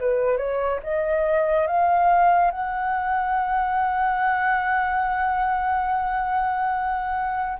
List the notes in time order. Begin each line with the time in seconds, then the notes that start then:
0.00 B4
0.38 C#5
0.83 D#5
1.67 F5
2.51 F#5